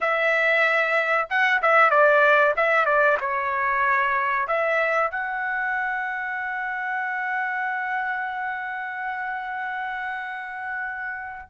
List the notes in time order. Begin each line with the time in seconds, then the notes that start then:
0.00 E5
1.29 F#5
1.62 E5
1.90 D5
2.56 E5
2.85 D5
3.20 C#5
4.47 E5
5.11 F#5